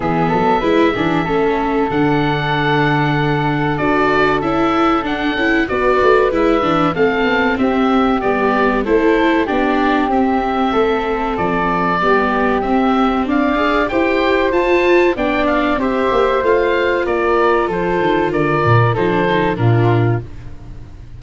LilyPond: <<
  \new Staff \with { instrumentName = "oboe" } { \time 4/4 \tempo 4 = 95 e''2. fis''4~ | fis''2 d''4 e''4 | fis''4 d''4 e''4 f''4 | e''4 d''4 c''4 d''4 |
e''2 d''2 | e''4 f''4 g''4 a''4 | g''8 f''8 e''4 f''4 d''4 | c''4 d''4 c''4 ais'4 | }
  \new Staff \with { instrumentName = "flute" } { \time 4/4 gis'8 a'8 b'8 gis'8 a'2~ | a'1~ | a'4 b'2 a'4 | g'2 a'4 g'4~ |
g'4 a'2 g'4~ | g'4 d''4 c''2 | d''4 c''2 ais'4 | a'4 ais'4 a'4 f'4 | }
  \new Staff \with { instrumentName = "viola" } { \time 4/4 b4 e'8 d'8 cis'4 d'4~ | d'2 fis'4 e'4 | d'8 e'8 fis'4 e'8 d'8 c'4~ | c'4 b4 e'4 d'4 |
c'2. b4 | c'4. gis'8 g'4 f'4 | d'4 g'4 f'2~ | f'2 dis'16 d'16 dis'8 d'4 | }
  \new Staff \with { instrumentName = "tuba" } { \time 4/4 e8 fis8 gis8 e8 a4 d4~ | d2 d'4 cis'4 | d'8 cis'8 b8 a8 gis8 e8 a8 b8 | c'4 g4 a4 b4 |
c'4 a4 f4 g4 | c'4 d'4 e'4 f'4 | b4 c'8 ais8 a4 ais4 | f8 dis8 d8 ais,8 f4 ais,4 | }
>>